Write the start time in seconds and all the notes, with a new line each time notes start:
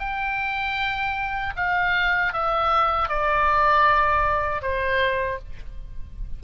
0.00 G5
1.57 F5
2.33 E5
3.09 D5
4.62 C5